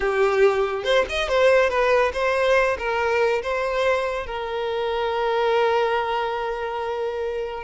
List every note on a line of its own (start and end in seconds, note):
0.00 0.84 G4
0.84 1.05 C5
1.09 1.28 D#5
1.28 1.69 C5
1.69 2.12 B4
2.13 2.77 C5
2.78 3.42 A#4
3.42 4.26 C5
4.26 7.63 A#4